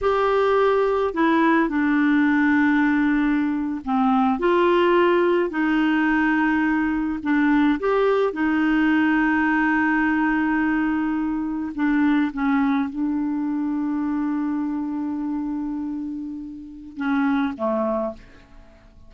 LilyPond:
\new Staff \with { instrumentName = "clarinet" } { \time 4/4 \tempo 4 = 106 g'2 e'4 d'4~ | d'2~ d'8. c'4 f'16~ | f'4.~ f'16 dis'2~ dis'16~ | dis'8. d'4 g'4 dis'4~ dis'16~ |
dis'1~ | dis'8. d'4 cis'4 d'4~ d'16~ | d'1~ | d'2 cis'4 a4 | }